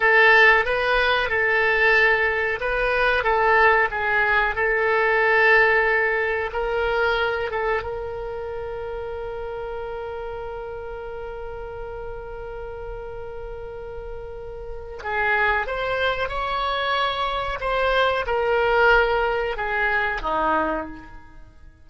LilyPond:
\new Staff \with { instrumentName = "oboe" } { \time 4/4 \tempo 4 = 92 a'4 b'4 a'2 | b'4 a'4 gis'4 a'4~ | a'2 ais'4. a'8 | ais'1~ |
ais'1~ | ais'2. gis'4 | c''4 cis''2 c''4 | ais'2 gis'4 dis'4 | }